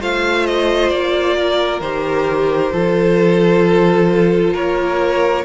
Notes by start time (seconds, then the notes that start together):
0.00 A3 F4 C5 F5
0.46 D#5
0.89 A#3 D5
1.37 A#4
1.80 D#3 G4 C5
2.72 F3 F4 A4
4.53 A#3 A#4 C#5